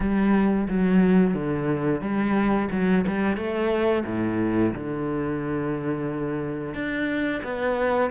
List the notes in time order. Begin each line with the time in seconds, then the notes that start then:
0.00 G3
0.68 F#3
1.33 D3
2.01 G3
2.71 F#3
3.07 G3
3.36 A3
4.05 A2
4.73 D3
6.74 D4
7.43 B3